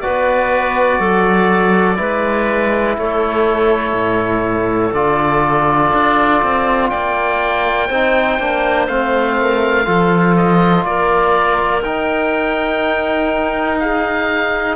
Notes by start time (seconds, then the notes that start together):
0.00 F#4 B4 D5
0.06 B3
0.99 F#3 A4
1.95 G#3 E4 B4
2.98 A3 A4 C#5
3.92 A2
4.93 D3 F4 D5
5.93 D4
6.42 C4
6.89 A#3 D5 G5
7.87 C4 D#4 C5
8.38 A#3 D4
8.86 A3 C4 F5
9.40 A#4
9.84 F3 F4 A4
10.36 D#5
10.84 A#3 A#4 D5
11.81 D#4 G5
13.79 G#4 F5